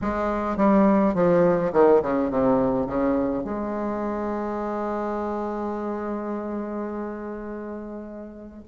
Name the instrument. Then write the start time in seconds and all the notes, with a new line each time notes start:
bassoon
0.01 G#3
0.56 G3
1.14 F3
1.73 D#3
2.02 C#3
2.30 C3
2.86 C#3
3.44 G#3